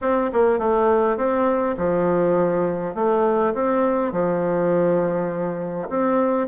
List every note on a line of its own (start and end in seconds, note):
0.01 0.30 C4
0.33 0.59 A#3
0.59 1.17 A3
1.17 1.76 C4
1.77 2.94 F3
2.94 3.53 A3
3.54 4.12 C4
4.12 5.88 F3
5.89 6.47 C4